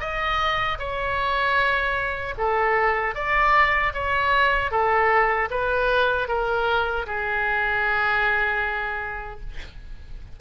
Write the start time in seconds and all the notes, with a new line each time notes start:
0.00 D#5
0.79 C#5
2.38 A4
3.15 D5
3.94 C#5
4.71 A4
5.50 B4
6.28 A#4
7.07 G#4